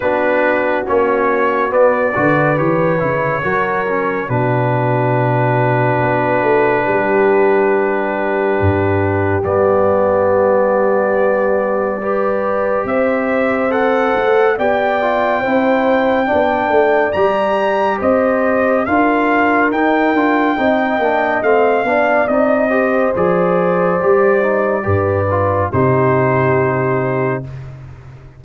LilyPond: <<
  \new Staff \with { instrumentName = "trumpet" } { \time 4/4 \tempo 4 = 70 b'4 cis''4 d''4 cis''4~ | cis''4 b'2.~ | b'2. d''4~ | d''2. e''4 |
fis''4 g''2. | ais''4 dis''4 f''4 g''4~ | g''4 f''4 dis''4 d''4~ | d''2 c''2 | }
  \new Staff \with { instrumentName = "horn" } { \time 4/4 fis'2~ fis'8 b'4. | ais'4 fis'2. | g'1~ | g'2 b'4 c''4~ |
c''4 d''4 c''4 d''4~ | d''4 c''4 ais'2 | dis''4. d''4 c''4.~ | c''4 b'4 g'2 | }
  \new Staff \with { instrumentName = "trombone" } { \time 4/4 d'4 cis'4 b8 fis'8 g'8 e'8 | fis'8 cis'8 d'2.~ | d'2. b4~ | b2 g'2 |
a'4 g'8 f'8 e'4 d'4 | g'2 f'4 dis'8 f'8 | dis'8 d'8 c'8 d'8 dis'8 g'8 gis'4 | g'8 dis'8 g'8 f'8 dis'2 | }
  \new Staff \with { instrumentName = "tuba" } { \time 4/4 b4 ais4 b8 d8 e8 cis8 | fis4 b,2 b8 a8 | g2 g,4 g4~ | g2. c'4~ |
c'8 a8 b4 c'4 b8 a8 | g4 c'4 d'4 dis'8 d'8 | c'8 ais8 a8 b8 c'4 f4 | g4 g,4 c2 | }
>>